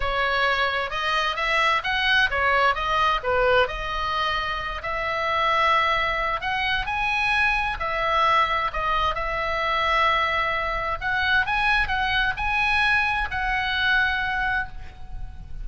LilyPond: \new Staff \with { instrumentName = "oboe" } { \time 4/4 \tempo 4 = 131 cis''2 dis''4 e''4 | fis''4 cis''4 dis''4 b'4 | dis''2~ dis''8 e''4.~ | e''2 fis''4 gis''4~ |
gis''4 e''2 dis''4 | e''1 | fis''4 gis''4 fis''4 gis''4~ | gis''4 fis''2. | }